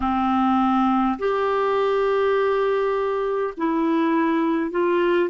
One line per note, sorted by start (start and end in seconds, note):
0.00 1.18 C4
1.18 3.53 G4
3.57 4.71 E4
4.71 5.29 F4